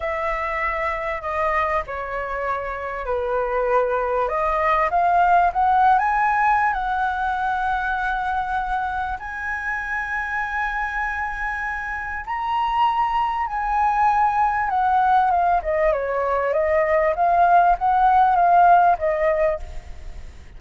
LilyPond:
\new Staff \with { instrumentName = "flute" } { \time 4/4 \tempo 4 = 98 e''2 dis''4 cis''4~ | cis''4 b'2 dis''4 | f''4 fis''8. gis''4~ gis''16 fis''4~ | fis''2. gis''4~ |
gis''1 | ais''2 gis''2 | fis''4 f''8 dis''8 cis''4 dis''4 | f''4 fis''4 f''4 dis''4 | }